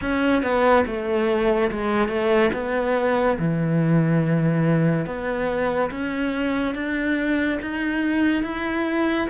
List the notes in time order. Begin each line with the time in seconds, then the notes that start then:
0.01 C#4
0.42 B3
0.86 A3
1.71 G#3
2.08 A3
2.53 B3
3.38 E3
5.06 B3
5.90 C#4
6.74 D4
7.61 D#4
8.43 E4